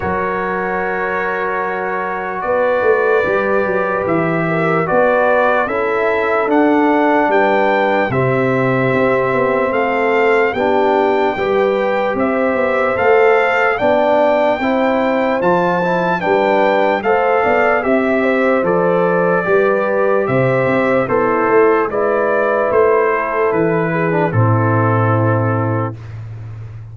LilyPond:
<<
  \new Staff \with { instrumentName = "trumpet" } { \time 4/4 \tempo 4 = 74 cis''2. d''4~ | d''4 e''4 d''4 e''4 | fis''4 g''4 e''2 | f''4 g''2 e''4 |
f''4 g''2 a''4 | g''4 f''4 e''4 d''4~ | d''4 e''4 c''4 d''4 | c''4 b'4 a'2 | }
  \new Staff \with { instrumentName = "horn" } { \time 4/4 ais'2. b'4~ | b'4. ais'8 b'4 a'4~ | a'4 b'4 g'2 | a'4 g'4 b'4 c''4~ |
c''4 d''4 c''2 | b'4 c''8 d''8 e''8 c''4. | b'4 c''4 e'4 b'4~ | b'8 a'4 gis'8 e'2 | }
  \new Staff \with { instrumentName = "trombone" } { \time 4/4 fis'1 | g'2 fis'4 e'4 | d'2 c'2~ | c'4 d'4 g'2 |
a'4 d'4 e'4 f'8 e'8 | d'4 a'4 g'4 a'4 | g'2 a'4 e'4~ | e'4.~ e'16 d'16 c'2 | }
  \new Staff \with { instrumentName = "tuba" } { \time 4/4 fis2. b8 a8 | g8 fis8 e4 b4 cis'4 | d'4 g4 c4 c'8 b8 | a4 b4 g4 c'8 b8 |
a4 b4 c'4 f4 | g4 a8 b8 c'4 f4 | g4 c8 c'8 b8 a8 gis4 | a4 e4 a,2 | }
>>